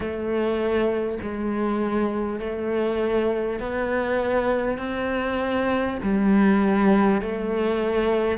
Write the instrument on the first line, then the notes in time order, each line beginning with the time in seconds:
cello
0.00 A3
1.22 G#3
2.39 A3
3.59 B3
4.78 C4
6.02 G3
7.21 A3